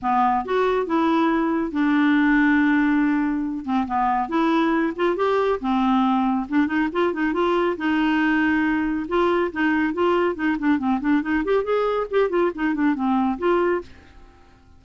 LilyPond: \new Staff \with { instrumentName = "clarinet" } { \time 4/4 \tempo 4 = 139 b4 fis'4 e'2 | d'1~ | d'8 c'8 b4 e'4. f'8 | g'4 c'2 d'8 dis'8 |
f'8 dis'8 f'4 dis'2~ | dis'4 f'4 dis'4 f'4 | dis'8 d'8 c'8 d'8 dis'8 g'8 gis'4 | g'8 f'8 dis'8 d'8 c'4 f'4 | }